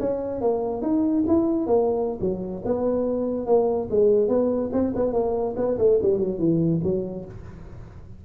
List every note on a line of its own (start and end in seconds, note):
0.00 0.41 C#4
0.41 0.82 A#3
0.82 1.24 D#4
1.28 1.67 E4
1.67 2.19 A#3
2.21 2.63 F#3
2.65 3.47 B3
3.47 3.88 A#3
3.90 4.28 G#3
4.28 4.70 B3
4.73 4.94 C4
4.95 5.13 B3
5.13 5.55 A#3
5.57 5.78 B3
5.78 5.99 A3
6.02 6.18 G3
6.18 6.39 F#3
6.39 6.81 E3
6.83 7.25 F#3